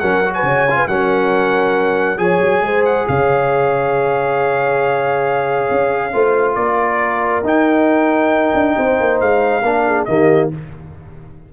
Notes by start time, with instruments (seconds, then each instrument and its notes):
0.00 tuba F#3, trombone C#4, horn A#4, trumpet F#5
0.25 trombone F#4
0.34 horn B4, trumpet G#5
0.43 tuba C#3, horn C#5
0.70 trombone F4
0.77 horn B4
0.88 tuba F#3, trombone C#4, horn A#4, trumpet F#5
2.18 tuba F3, trombone G#4, horn C#5, trumpet G#5
2.40 tuba F#3
2.62 tuba G#3, horn C5
2.86 trumpet F#5
3.08 tuba C#3, horn C#5, trumpet F5
5.71 tuba C#4
6.13 tuba A3, trombone F4, horn C5
6.55 tuba A#3, horn A#4, trumpet D5
7.44 tuba D#4, trombone D#4, trumpet G5
8.54 tuba D4
8.78 tuba C4, horn C5
9.01 tuba A#3
9.21 tuba G#3, trumpet F5
9.63 tuba A#3, trombone D4, horn A#4
9.87 horn G#4
10.05 tuba D#3, trombone A#3, horn G4, trumpet D#5